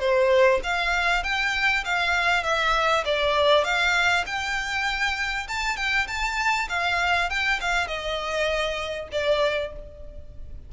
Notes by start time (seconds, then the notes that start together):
0.00 C5
0.64 F5
1.23 G5
1.85 F5
2.44 E5
3.05 D5
3.64 F5
4.26 G5
5.48 A5
5.77 G5
6.07 A5
6.69 F5
7.30 G5
7.61 F5
7.88 D#5
9.12 D5